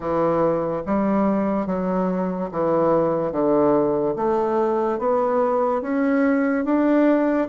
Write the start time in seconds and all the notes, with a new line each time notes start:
0.00 E3
0.86 G3
1.66 F#3
2.51 E3
3.31 D3
4.16 A3
4.98 B3
5.81 C#4
6.64 D4